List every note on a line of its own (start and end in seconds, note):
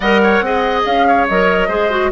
0.00 0.40 G3
0.00 0.44 A#4
0.00 0.21 D#5
0.00 0.82 F#5
0.23 0.44 C#5
0.40 0.82 C4
0.40 1.29 G#4
0.40 1.07 D#5
0.85 1.28 C#4
0.85 1.27 F5
1.07 1.68 C#5
1.27 1.68 F#3
1.27 1.69 A#4
1.27 2.12 D#5
1.68 2.10 G#3
1.68 1.90 G#4
1.68 2.10 C5
1.90 2.11 F#4